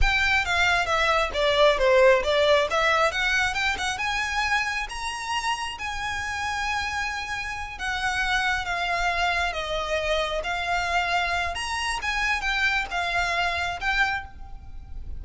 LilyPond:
\new Staff \with { instrumentName = "violin" } { \time 4/4 \tempo 4 = 135 g''4 f''4 e''4 d''4 | c''4 d''4 e''4 fis''4 | g''8 fis''8 gis''2 ais''4~ | ais''4 gis''2.~ |
gis''4. fis''2 f''8~ | f''4. dis''2 f''8~ | f''2 ais''4 gis''4 | g''4 f''2 g''4 | }